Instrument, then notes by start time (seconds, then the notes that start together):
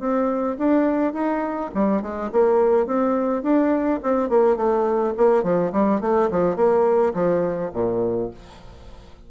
bassoon
0.00 C4
0.59 D4
1.14 D#4
1.75 G3
2.02 G#3
2.32 A#3
2.87 C4
3.43 D4
4.03 C4
4.30 A#3
4.57 A3
5.18 A#3
5.44 F3
5.73 G3
6.01 A3
6.31 F3
6.56 A#3
7.15 F3
7.74 A#2